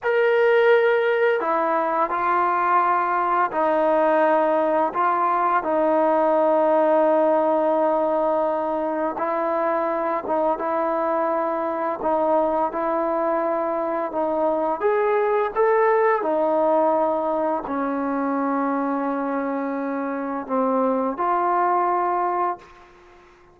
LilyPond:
\new Staff \with { instrumentName = "trombone" } { \time 4/4 \tempo 4 = 85 ais'2 e'4 f'4~ | f'4 dis'2 f'4 | dis'1~ | dis'4 e'4. dis'8 e'4~ |
e'4 dis'4 e'2 | dis'4 gis'4 a'4 dis'4~ | dis'4 cis'2.~ | cis'4 c'4 f'2 | }